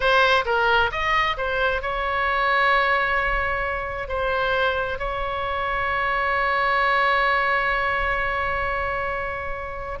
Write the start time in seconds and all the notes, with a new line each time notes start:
0.00 C5
0.45 A#4
0.91 D#5
1.37 C5
1.82 C#5
4.08 C5
4.99 C#5